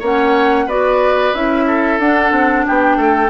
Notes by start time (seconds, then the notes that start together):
0.00 A#3 C#4 C#5 F#5
0.66 B3 F#4 B4 D5
1.34 C#4 E4 E5
1.67 A4
1.99 D4 F#5
2.32 C4
2.67 B3 G4 G5
2.97 A3 A4